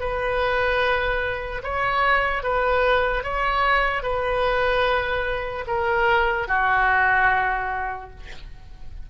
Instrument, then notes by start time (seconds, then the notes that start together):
oboe
0.00 B4
1.63 C#5
2.43 B4
3.24 C#5
4.03 B4
5.67 A#4
6.48 F#4